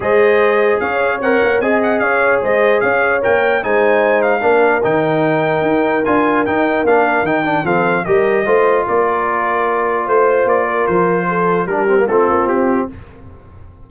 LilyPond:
<<
  \new Staff \with { instrumentName = "trumpet" } { \time 4/4 \tempo 4 = 149 dis''2 f''4 fis''4 | gis''8 fis''8 f''4 dis''4 f''4 | g''4 gis''4. f''4. | g''2. gis''4 |
g''4 f''4 g''4 f''4 | dis''2 d''2~ | d''4 c''4 d''4 c''4~ | c''4 ais'4 a'4 g'4 | }
  \new Staff \with { instrumentName = "horn" } { \time 4/4 c''2 cis''2 | dis''4 cis''4 c''4 cis''4~ | cis''4 c''2 ais'4~ | ais'1~ |
ais'2. a'4 | ais'4 c''4 ais'2~ | ais'4 c''4. ais'4. | a'4 g'4 f'2 | }
  \new Staff \with { instrumentName = "trombone" } { \time 4/4 gis'2. ais'4 | gis'1 | ais'4 dis'2 d'4 | dis'2. f'4 |
dis'4 d'4 dis'8 d'8 c'4 | g'4 f'2.~ | f'1~ | f'4 d'8 c'16 ais16 c'2 | }
  \new Staff \with { instrumentName = "tuba" } { \time 4/4 gis2 cis'4 c'8 ais8 | c'4 cis'4 gis4 cis'4 | ais4 gis2 ais4 | dis2 dis'4 d'4 |
dis'4 ais4 dis4 f4 | g4 a4 ais2~ | ais4 a4 ais4 f4~ | f4 g4 a8 ais8 c'4 | }
>>